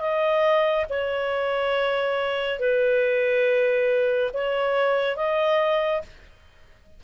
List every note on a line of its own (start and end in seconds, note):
0.00 0.86 D#5
0.89 2.59 C#5
2.59 4.31 B4
4.34 5.16 C#5
5.16 6.02 D#5